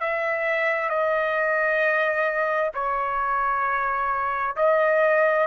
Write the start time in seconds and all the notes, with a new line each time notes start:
0.00 E5
0.89 D#5
2.74 C#5
4.56 D#5